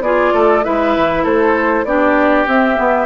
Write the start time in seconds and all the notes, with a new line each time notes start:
0.00 B3 F4 G#4 D5
0.33 A3 A4
0.63 G#3 E4 B4 E5
0.96 E3
1.23 A3 A4 C5
1.84 B3 D4 G4 D5
2.47 C4 E5
2.75 B3